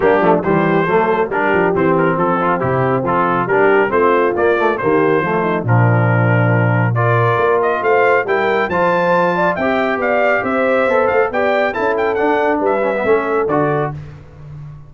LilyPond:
<<
  \new Staff \with { instrumentName = "trumpet" } { \time 4/4 \tempo 4 = 138 g'4 c''2 ais'4 | c''8 ais'8 a'4 g'4 a'4 | ais'4 c''4 d''4 c''4~ | c''4 ais'2. |
d''4. dis''8 f''4 g''4 | a''2 g''4 f''4 | e''4. f''8 g''4 a''8 g''8 | fis''4 e''2 d''4 | }
  \new Staff \with { instrumentName = "horn" } { \time 4/4 d'4 g'4 a'4 g'4~ | g'4 c'2. | g'4 f'2 g'4 | f'8 dis'8 d'2. |
ais'2 c''4 ais'4 | c''4. d''8 e''4 d''4 | c''2 d''4 a'4~ | a'4 b'4 a'2 | }
  \new Staff \with { instrumentName = "trombone" } { \time 4/4 ais8 a8 g4 a4 d'4 | c'4. f'8 e'4 f'4 | d'4 c'4 ais8 a8 ais4 | a4 f2. |
f'2. e'4 | f'2 g'2~ | g'4 a'4 g'4 e'4 | d'4. cis'16 b16 cis'4 fis'4 | }
  \new Staff \with { instrumentName = "tuba" } { \time 4/4 g8 f8 e4 fis4 g8 f8 | e4 f4 c4 f4 | g4 a4 ais4 dis4 | f4 ais,2.~ |
ais,4 ais4 a4 g4 | f2 c'4 b4 | c'4 b8 a8 b4 cis'4 | d'4 g4 a4 d4 | }
>>